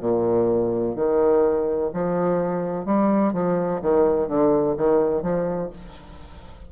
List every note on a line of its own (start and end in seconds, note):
0.00 0.95 A#2
0.95 1.90 D#3
1.94 2.85 F3
2.85 3.33 G3
3.33 3.81 F3
3.82 4.28 D#3
4.28 4.76 D3
4.77 5.22 D#3
5.22 5.70 F3